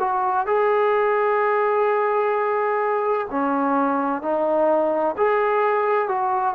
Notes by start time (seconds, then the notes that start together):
0.00 F#4
0.47 G#4
3.31 C#4
4.22 D#4
5.18 G#4
6.09 F#4